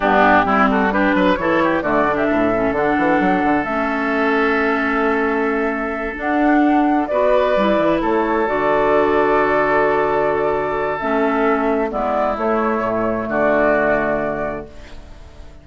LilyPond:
<<
  \new Staff \with { instrumentName = "flute" } { \time 4/4 \tempo 4 = 131 g'4. a'8 b'4 cis''4 | d''8. e''4~ e''16 fis''2 | e''1~ | e''4. fis''2 d''8~ |
d''4. cis''4 d''4.~ | d''1 | e''2 d''4 cis''4~ | cis''4 d''2. | }
  \new Staff \with { instrumentName = "oboe" } { \time 4/4 d'4 e'8 fis'8 g'8 b'8 a'8 g'8 | fis'8. g'16 a'2.~ | a'1~ | a'2.~ a'8 b'8~ |
b'4. a'2~ a'8~ | a'1~ | a'2 e'2~ | e'4 fis'2. | }
  \new Staff \with { instrumentName = "clarinet" } { \time 4/4 b4 c'4 d'4 e'4 | a8 d'4 cis'8 d'2 | cis'1~ | cis'4. d'2 fis'8~ |
fis'8 e'2 fis'4.~ | fis'1 | cis'2 b4 a4~ | a1 | }
  \new Staff \with { instrumentName = "bassoon" } { \time 4/4 g,4 g4. fis8 e4 | d4 a,4 d8 e8 fis8 d8 | a1~ | a4. d'2 b8~ |
b8 g8 e8 a4 d4.~ | d1 | a2 gis4 a4 | a,4 d2. | }
>>